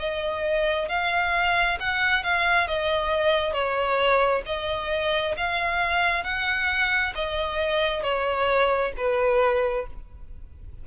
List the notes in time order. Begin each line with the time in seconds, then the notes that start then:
0.00 D#5
0.89 F5
1.80 F#5
2.24 F5
2.67 D#5
3.53 C#5
4.46 D#5
5.37 F5
6.24 F#5
7.15 D#5
8.03 C#5
8.98 B4